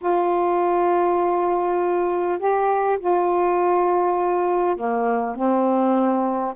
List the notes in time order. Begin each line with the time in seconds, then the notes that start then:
0.01 F4
2.38 G4
2.99 F4
4.76 A#3
5.35 C4